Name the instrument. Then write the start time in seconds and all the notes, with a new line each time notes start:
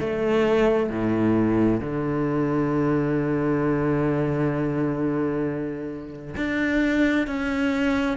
cello
0.00 A3
0.90 A2
1.80 D3
6.36 D4
7.27 C#4